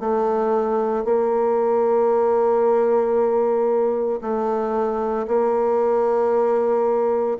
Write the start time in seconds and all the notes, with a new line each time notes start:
0.00 A3
1.05 A#3
4.22 A3
5.27 A#3